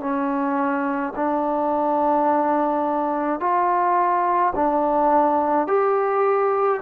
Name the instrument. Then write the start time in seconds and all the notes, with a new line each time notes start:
trombone
0.00 C#4
1.16 D4
3.40 F4
4.55 D4
5.68 G4